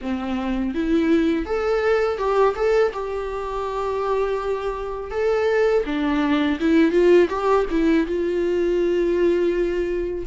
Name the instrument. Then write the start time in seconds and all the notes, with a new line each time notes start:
viola
0.01 C4
0.74 E4
1.45 A4
2.18 G4
2.55 A4
2.93 G4
5.11 A4
5.85 D4
6.60 E4
6.91 F4
7.29 G4
7.70 E4
8.06 F4